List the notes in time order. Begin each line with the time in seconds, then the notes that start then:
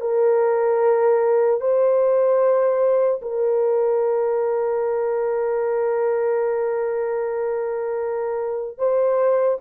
0.00 A#4
1.60 C5
3.21 A#4
8.78 C5